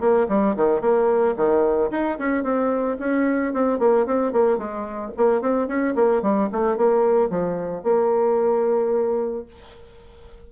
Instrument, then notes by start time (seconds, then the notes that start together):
bassoon
0.00 A#3
0.29 G3
0.56 D#3
0.81 A#3
1.37 D#3
1.91 D#4
2.19 C#4
2.43 C4
2.99 C#4
3.53 C4
3.79 A#3
4.06 C4
4.32 A#3
4.58 G#3
5.17 A#3
5.41 C4
5.68 C#4
5.95 A#3
6.22 G3
6.52 A3
6.77 A#3
7.30 F3
7.84 A#3